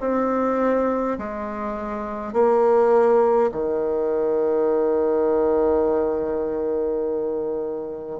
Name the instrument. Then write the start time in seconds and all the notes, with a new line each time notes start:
bassoon
0.00 C4
1.18 G#3
2.33 A#3
3.51 D#3